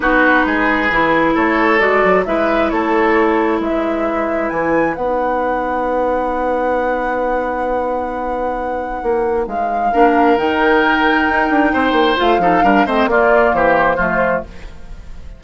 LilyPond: <<
  \new Staff \with { instrumentName = "flute" } { \time 4/4 \tempo 4 = 133 b'2. cis''4 | d''4 e''4 cis''2 | e''2 gis''4 fis''4~ | fis''1~ |
fis''1~ | fis''4 f''2 g''4~ | g''2. f''4~ | f''8 dis''8 d''4 c''2 | }
  \new Staff \with { instrumentName = "oboe" } { \time 4/4 fis'4 gis'2 a'4~ | a'4 b'4 a'2 | b'1~ | b'1~ |
b'1~ | b'2 ais'2~ | ais'2 c''4. a'8 | ais'8 c''8 f'4 g'4 f'4 | }
  \new Staff \with { instrumentName = "clarinet" } { \time 4/4 dis'2 e'2 | fis'4 e'2.~ | e'2. dis'4~ | dis'1~ |
dis'1~ | dis'2 d'4 dis'4~ | dis'2. f'8 dis'8 | d'8 c'8 ais2 a4 | }
  \new Staff \with { instrumentName = "bassoon" } { \time 4/4 b4 gis4 e4 a4 | gis8 fis8 gis4 a2 | gis2 e4 b4~ | b1~ |
b1 | ais4 gis4 ais4 dis4~ | dis4 dis'8 d'8 c'8 ais8 a8 f8 | g8 a8 ais4 e4 f4 | }
>>